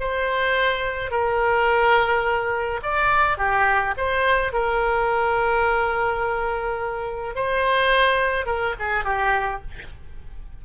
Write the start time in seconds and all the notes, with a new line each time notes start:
0.00 C5
1.11 A#4
2.83 D5
3.38 G4
3.97 C5
4.53 A#4
7.35 C5
8.46 A#4
8.79 G#4
9.04 G4